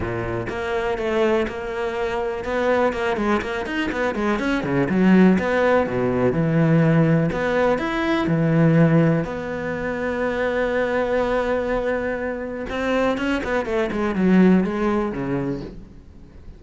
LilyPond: \new Staff \with { instrumentName = "cello" } { \time 4/4 \tempo 4 = 123 ais,4 ais4 a4 ais4~ | ais4 b4 ais8 gis8 ais8 dis'8 | b8 gis8 cis'8 cis8 fis4 b4 | b,4 e2 b4 |
e'4 e2 b4~ | b1~ | b2 c'4 cis'8 b8 | a8 gis8 fis4 gis4 cis4 | }